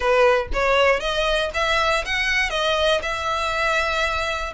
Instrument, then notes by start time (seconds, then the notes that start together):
violin
0.00 B4
0.53 C#5
1.00 D#5
1.54 E5
2.05 F#5
2.50 D#5
3.02 E5